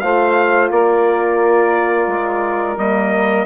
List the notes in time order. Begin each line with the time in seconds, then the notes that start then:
0.00 A3 F4 C5 F5
0.71 A#3 A#4 D5
2.07 G#3
2.77 G3 A#3 D#5